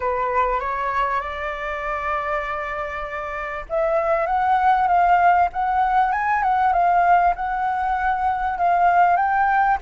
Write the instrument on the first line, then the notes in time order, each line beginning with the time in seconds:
flute
0.00 B4
0.60 C#5
1.21 D5
3.69 E5
4.26 F#5
4.87 F5
5.52 F#5
6.12 G#5
6.42 F#5
6.72 F5
7.35 F#5
8.58 F5
9.16 G5